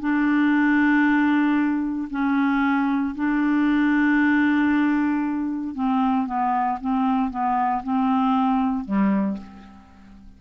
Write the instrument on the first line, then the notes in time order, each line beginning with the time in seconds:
clarinet
0.00 D4
2.11 C#4
3.15 D4
5.75 C4
6.26 B3
6.81 C4
7.30 B3
7.83 C4
8.85 G3